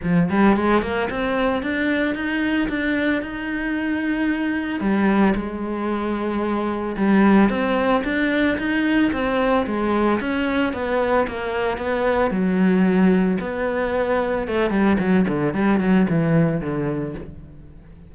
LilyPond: \new Staff \with { instrumentName = "cello" } { \time 4/4 \tempo 4 = 112 f8 g8 gis8 ais8 c'4 d'4 | dis'4 d'4 dis'2~ | dis'4 g4 gis2~ | gis4 g4 c'4 d'4 |
dis'4 c'4 gis4 cis'4 | b4 ais4 b4 fis4~ | fis4 b2 a8 g8 | fis8 d8 g8 fis8 e4 d4 | }